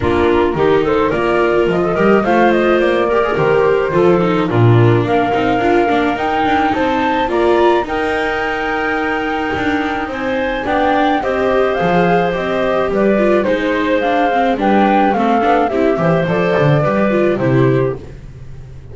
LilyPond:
<<
  \new Staff \with { instrumentName = "flute" } { \time 4/4 \tempo 4 = 107 ais'4. c''8 d''4 dis''4 | f''8 dis''8 d''4 c''2 | ais'4 f''2 g''4 | a''4 ais''4 g''2~ |
g''2 gis''4 g''4 | dis''4 f''4 dis''4 d''4 | c''4 f''4 g''4 f''4 | e''4 d''2 c''4 | }
  \new Staff \with { instrumentName = "clarinet" } { \time 4/4 f'4 g'8 a'8 ais'4~ ais'16 a'16 ais'8 | c''4. ais'4. a'4 | f'4 ais'2. | c''4 d''4 ais'2~ |
ais'2 c''4 d''4 | c''2. b'4 | c''2 b'4 a'4 | g'8 c''4. b'4 g'4 | }
  \new Staff \with { instrumentName = "viola" } { \time 4/4 d'4 dis'4 f'4. g'8 | f'4. g'16 gis'16 g'4 f'8 dis'8 | d'4. dis'8 f'8 d'8 dis'4~ | dis'4 f'4 dis'2~ |
dis'2. d'4 | g'4 gis'4 g'4. f'8 | dis'4 d'8 c'8 d'4 c'8 d'8 | e'8 g'8 a'4 g'8 f'8 e'4 | }
  \new Staff \with { instrumentName = "double bass" } { \time 4/4 ais4 dis4 ais4 f8 g8 | a4 ais4 dis4 f4 | ais,4 ais8 c'8 d'8 ais8 dis'8 d'8 | c'4 ais4 dis'2~ |
dis'4 d'4 c'4 b4 | c'4 f4 c'4 g4 | gis2 g4 a8 b8 | c'8 e8 f8 d8 g4 c4 | }
>>